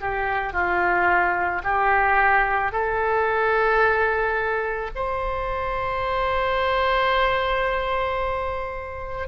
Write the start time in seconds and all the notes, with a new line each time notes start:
0.00 G4
0.53 F4
1.64 G4
2.72 A4
4.95 C5